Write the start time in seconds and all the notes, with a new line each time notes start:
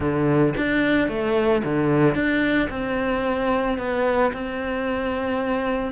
0.00 D3
0.57 D4
1.08 A3
1.64 D3
2.14 D4
2.69 C4
3.78 B3
4.33 C4